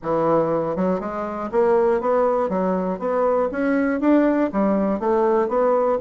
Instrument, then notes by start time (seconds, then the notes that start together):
bassoon
0.02 E3
0.76 F#3
1.00 G#3
1.51 A#3
2.00 B3
2.49 F#3
2.99 B3
3.51 C#4
4.00 D4
4.52 G3
4.99 A3
5.48 B3